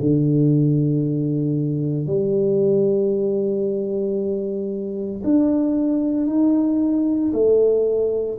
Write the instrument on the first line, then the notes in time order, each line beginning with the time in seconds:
tuba
0.00 D3
2.07 G3
5.24 D4
6.27 D#4
7.33 A3